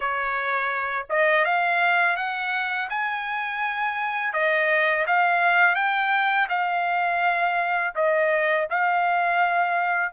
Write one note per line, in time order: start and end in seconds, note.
0.00 1.06 C#5
1.09 1.45 D#5
1.45 2.16 F5
2.16 2.88 F#5
2.89 4.33 G#5
4.33 5.05 D#5
5.06 5.75 F5
5.75 6.47 G5
6.49 7.94 F5
7.95 8.67 D#5
8.69 10.12 F5